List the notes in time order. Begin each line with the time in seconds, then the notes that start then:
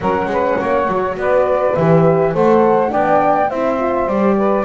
0.00 F#3 C#4 A#4 F#5
0.25 G#3
0.32 B4
0.59 A#3 C#5
0.87 F#3 F#4
1.17 B3 B4 D5
1.75 E3 G4 E5
2.33 A3 A4 C5 F#5
2.88 B3 D4 D5 G5
3.49 C4 E4 C5 E5
3.79 F4
4.06 G3 G4 D5
4.36 B4